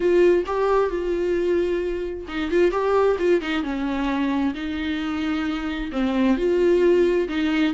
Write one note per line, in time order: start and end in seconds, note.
0.00 0.44 F4
0.46 0.90 G4
0.90 2.26 F4
2.28 2.50 D#4
2.50 2.71 F4
2.71 3.16 G4
3.18 3.41 F4
3.41 3.63 D#4
3.63 4.54 C#4
4.54 5.90 D#4
5.92 6.37 C4
6.37 7.28 F4
7.28 7.73 D#4